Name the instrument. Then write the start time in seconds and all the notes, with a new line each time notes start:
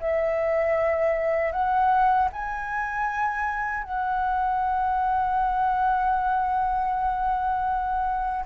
flute
0.00 E5
1.52 F#5
2.33 G#5
3.84 F#5